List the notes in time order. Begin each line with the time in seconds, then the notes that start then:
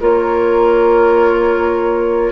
0.00 A#3 F4 A#4 C#5